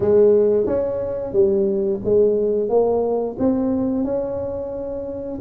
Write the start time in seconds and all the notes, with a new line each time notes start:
0.00 G#3
0.66 C#4
1.33 G3
2.04 G#3
2.69 A#3
3.39 C4
4.04 C#4